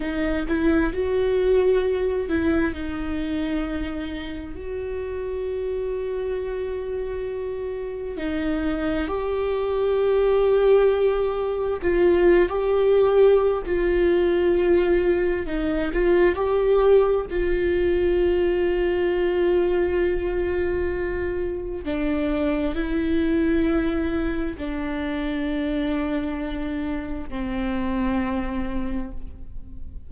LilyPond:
\new Staff \with { instrumentName = "viola" } { \time 4/4 \tempo 4 = 66 dis'8 e'8 fis'4. e'8 dis'4~ | dis'4 fis'2.~ | fis'4 dis'4 g'2~ | g'4 f'8. g'4~ g'16 f'4~ |
f'4 dis'8 f'8 g'4 f'4~ | f'1 | d'4 e'2 d'4~ | d'2 c'2 | }